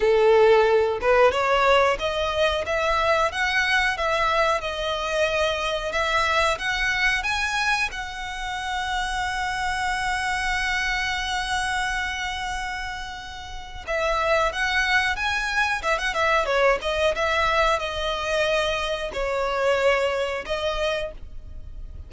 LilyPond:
\new Staff \with { instrumentName = "violin" } { \time 4/4 \tempo 4 = 91 a'4. b'8 cis''4 dis''4 | e''4 fis''4 e''4 dis''4~ | dis''4 e''4 fis''4 gis''4 | fis''1~ |
fis''1~ | fis''4 e''4 fis''4 gis''4 | e''16 fis''16 e''8 cis''8 dis''8 e''4 dis''4~ | dis''4 cis''2 dis''4 | }